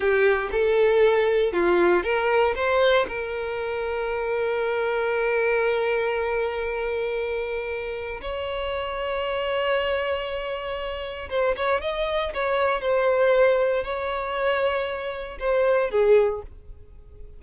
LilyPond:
\new Staff \with { instrumentName = "violin" } { \time 4/4 \tempo 4 = 117 g'4 a'2 f'4 | ais'4 c''4 ais'2~ | ais'1~ | ais'1 |
cis''1~ | cis''2 c''8 cis''8 dis''4 | cis''4 c''2 cis''4~ | cis''2 c''4 gis'4 | }